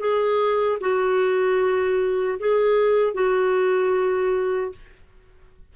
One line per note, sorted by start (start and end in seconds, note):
0.00 0.79 G#4
0.81 2.39 F#4
2.40 3.15 G#4
3.15 4.73 F#4